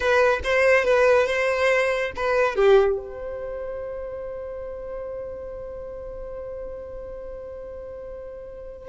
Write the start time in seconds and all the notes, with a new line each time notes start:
0.00 B4
0.43 C5
0.84 B4
1.27 C5
2.15 B4
2.55 G4
2.97 C5